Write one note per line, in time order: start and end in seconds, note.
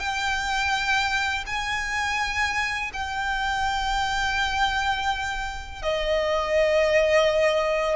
0.00 1.45 G5
1.47 2.91 G#5
2.93 5.83 G5
5.83 7.96 D#5